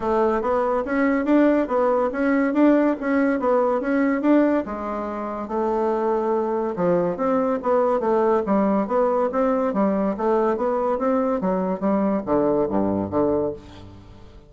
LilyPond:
\new Staff \with { instrumentName = "bassoon" } { \time 4/4 \tempo 4 = 142 a4 b4 cis'4 d'4 | b4 cis'4 d'4 cis'4 | b4 cis'4 d'4 gis4~ | gis4 a2. |
f4 c'4 b4 a4 | g4 b4 c'4 g4 | a4 b4 c'4 fis4 | g4 d4 g,4 d4 | }